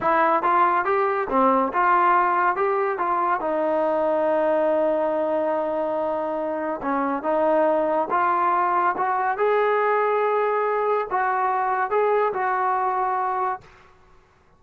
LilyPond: \new Staff \with { instrumentName = "trombone" } { \time 4/4 \tempo 4 = 141 e'4 f'4 g'4 c'4 | f'2 g'4 f'4 | dis'1~ | dis'1 |
cis'4 dis'2 f'4~ | f'4 fis'4 gis'2~ | gis'2 fis'2 | gis'4 fis'2. | }